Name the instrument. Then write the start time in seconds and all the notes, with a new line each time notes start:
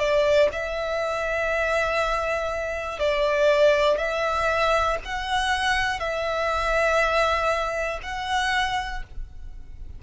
violin
0.00 D5
0.53 E5
3.00 D5
3.98 E5
5.05 F#5
6.00 E5
8.03 F#5